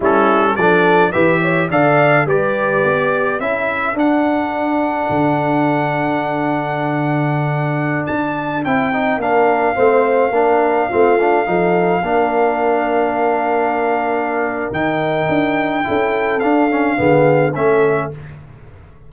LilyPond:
<<
  \new Staff \with { instrumentName = "trumpet" } { \time 4/4 \tempo 4 = 106 a'4 d''4 e''4 f''4 | d''2 e''4 fis''4~ | fis''1~ | fis''2~ fis''16 a''4 g''8.~ |
g''16 f''2.~ f''8.~ | f''1~ | f''2 g''2~ | g''4 f''2 e''4 | }
  \new Staff \with { instrumentName = "horn" } { \time 4/4 e'4 a'4 b'8 cis''8 d''4 | b'2 a'2~ | a'1~ | a'1~ |
a'16 ais'4 c''4 ais'4 f'8.~ | f'16 a'4 ais'2~ ais'8.~ | ais'1 | a'2 gis'4 a'4 | }
  \new Staff \with { instrumentName = "trombone" } { \time 4/4 cis'4 d'4 g'4 a'4 | g'2 e'4 d'4~ | d'1~ | d'2.~ d'16 e'8 dis'16~ |
dis'16 d'4 c'4 d'4 c'8 d'16~ | d'16 dis'4 d'2~ d'8.~ | d'2 dis'2 | e'4 d'8 cis'8 b4 cis'4 | }
  \new Staff \with { instrumentName = "tuba" } { \time 4/4 g4 f4 e4 d4 | g4 b4 cis'4 d'4~ | d'4 d2.~ | d2~ d16 d'4 c'8.~ |
c'16 ais4 a4 ais4 a8.~ | a16 f4 ais2~ ais8.~ | ais2 dis4 d'4 | cis'4 d'4 d4 a4 | }
>>